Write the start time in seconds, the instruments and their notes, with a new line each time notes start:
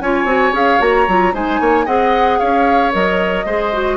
0.00 bassoon C#4, clarinet F4, oboe C#5, flute G#5
0.25 bassoon C4, clarinet F#4
0.53 bassoon C#4, clarinet G#4, flute F5
0.79 bassoon A#3, clarinet F#4, flute A#5
1.08 bassoon F#3, clarinet F4
1.33 bassoon G#3, clarinet D#4, oboe C5, flute G#5
1.60 bassoon A#3, oboe C#5
1.85 bassoon C4, clarinet G#4, oboe D#5, flute F#5
2.39 bassoon C#4, oboe C#5, flute F5
2.92 bassoon F#3, clarinet A#4, flute D#5
3.45 bassoon G#3, clarinet G#4, oboe C5
3.73 clarinet F#4